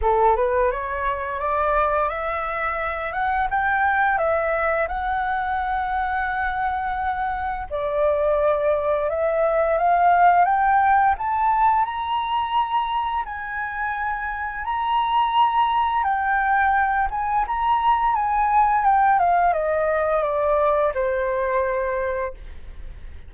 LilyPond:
\new Staff \with { instrumentName = "flute" } { \time 4/4 \tempo 4 = 86 a'8 b'8 cis''4 d''4 e''4~ | e''8 fis''8 g''4 e''4 fis''4~ | fis''2. d''4~ | d''4 e''4 f''4 g''4 |
a''4 ais''2 gis''4~ | gis''4 ais''2 g''4~ | g''8 gis''8 ais''4 gis''4 g''8 f''8 | dis''4 d''4 c''2 | }